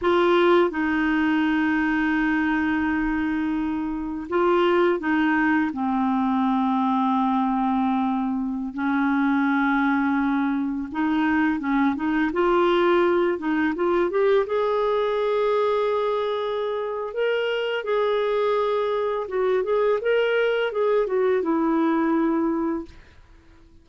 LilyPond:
\new Staff \with { instrumentName = "clarinet" } { \time 4/4 \tempo 4 = 84 f'4 dis'2.~ | dis'2 f'4 dis'4 | c'1~ | c'16 cis'2. dis'8.~ |
dis'16 cis'8 dis'8 f'4. dis'8 f'8 g'16~ | g'16 gis'2.~ gis'8. | ais'4 gis'2 fis'8 gis'8 | ais'4 gis'8 fis'8 e'2 | }